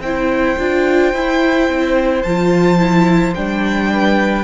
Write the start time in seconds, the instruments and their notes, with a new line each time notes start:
0.00 cello C4, viola E4, violin C5 G5
0.58 cello D4, viola F4
1.13 cello E4, viola E4
1.68 cello C4
2.22 cello F3, viola F4, violin A5
2.78 viola E4
3.34 cello G3, viola D4, violin G5
3.92 violin B4